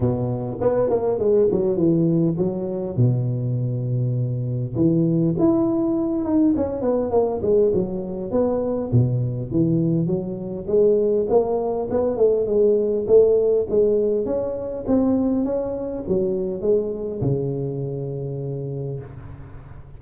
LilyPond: \new Staff \with { instrumentName = "tuba" } { \time 4/4 \tempo 4 = 101 b,4 b8 ais8 gis8 fis8 e4 | fis4 b,2. | e4 e'4. dis'8 cis'8 b8 | ais8 gis8 fis4 b4 b,4 |
e4 fis4 gis4 ais4 | b8 a8 gis4 a4 gis4 | cis'4 c'4 cis'4 fis4 | gis4 cis2. | }